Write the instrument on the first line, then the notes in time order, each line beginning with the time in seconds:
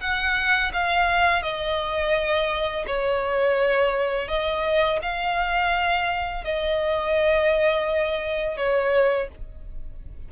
violin
0.00 F#5
0.73 F5
1.42 D#5
2.87 C#5
4.28 D#5
5.02 F5
6.44 D#5
8.57 C#5